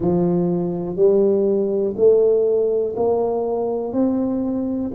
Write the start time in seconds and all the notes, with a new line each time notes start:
0.00 F3
0.96 G3
1.96 A3
2.96 A#3
3.93 C4